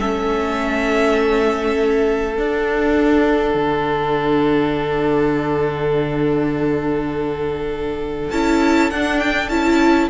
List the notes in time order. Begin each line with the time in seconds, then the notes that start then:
0.00 A3 C#4 A4 E5
2.37 D4 F#5
3.54 D3
8.31 C#4 E4 A5
8.91 D4 F#5
9.19 G5
9.49 C#4 E4 A5